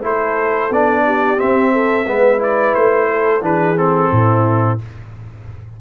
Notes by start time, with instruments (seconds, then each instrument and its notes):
0.00 tuba A3, trombone E4, horn A4, trumpet C5
0.70 tuba B3, trombone D4, trumpet D5
1.06 horn G4
1.37 trombone C4, tuba C4, trumpet E5
1.73 horn A4
2.07 tuba G#3, trombone B3, horn B4
2.39 trombone E4, trumpet D5
2.75 tuba A3, trumpet C5
3.11 horn A4
3.42 tuba E3, trombone D4, horn G#4, trumpet B4
3.77 trombone C4, trumpet A4
4.12 tuba A2, horn E4